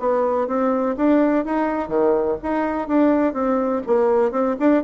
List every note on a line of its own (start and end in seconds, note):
0.00 0.48 B3
0.48 0.96 C4
0.97 1.45 D4
1.45 1.89 D#4
1.89 2.37 D#3
2.43 2.88 D#4
2.88 3.34 D4
3.34 3.82 C4
3.87 4.32 A#3
4.32 4.56 C4
4.59 4.84 D4